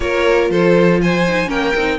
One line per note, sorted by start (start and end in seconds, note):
0.00 0.50 A#3
0.00 1.23 F4
0.00 0.51 A#4
0.00 0.50 C#5
0.50 1.48 F3
0.50 1.01 A4
0.50 1.01 C5
1.01 1.48 C5
1.01 1.49 G#5
1.28 1.47 D#4
1.47 1.73 A#3
1.47 1.72 C#4
1.47 1.98 A#4
1.47 1.99 G5
1.75 1.99 C4
1.75 1.99 D#4